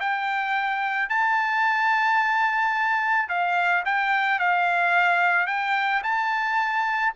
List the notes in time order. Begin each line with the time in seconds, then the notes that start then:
0.00 G5
1.09 A5
3.29 F5
3.85 G5
4.39 F5
5.47 G5
6.03 A5